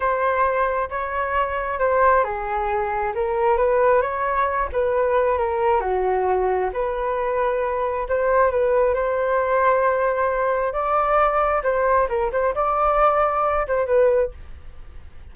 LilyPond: \new Staff \with { instrumentName = "flute" } { \time 4/4 \tempo 4 = 134 c''2 cis''2 | c''4 gis'2 ais'4 | b'4 cis''4. b'4. | ais'4 fis'2 b'4~ |
b'2 c''4 b'4 | c''1 | d''2 c''4 ais'8 c''8 | d''2~ d''8 c''8 b'4 | }